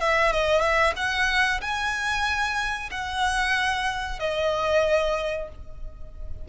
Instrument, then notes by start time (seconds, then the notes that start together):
violin
0.00 E5
0.32 D#5
0.61 E5
0.96 F#5
1.61 G#5
2.91 F#5
4.19 D#5